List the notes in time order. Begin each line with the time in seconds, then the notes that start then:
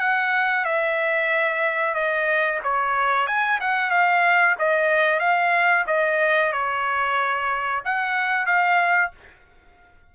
0.00 F#5
0.65 E5
1.94 D#5
2.64 C#5
3.27 G#5
3.61 F#5
3.91 F5
4.59 D#5
5.20 F5
5.87 D#5
6.53 C#5
7.85 F#5
8.46 F5